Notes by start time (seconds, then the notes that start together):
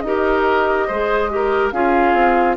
0.00 D#4 G4 D#5
0.07 A#4
0.87 G#3 G#4 C5
1.30 G4 A#4
1.71 C#4 F4 G#4 F5
2.13 C4